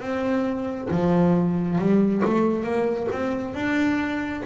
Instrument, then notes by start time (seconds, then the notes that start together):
double bass
0.00 C4
0.90 F3
1.78 G3
2.24 A3
2.63 A#3
3.12 C4
3.54 D4